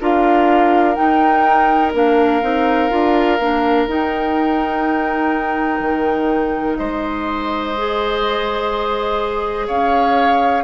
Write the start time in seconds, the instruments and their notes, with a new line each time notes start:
0.00 bassoon D4, clarinet F4, oboe A#4, flute F5
0.94 clarinet D#4, bassoon D#4, flute G5
1.93 bassoon A#3, clarinet D4, flute F5
2.42 bassoon C4, clarinet D#4
2.89 bassoon D4, clarinet F4
3.39 bassoon A#3, clarinet D4
3.87 bassoon D#4, clarinet D#4, flute G5
5.79 bassoon D#3
6.77 bassoon G#3, oboe C5, flute D#5
7.77 clarinet G#4
9.67 bassoon C#4, oboe C#5, flute F5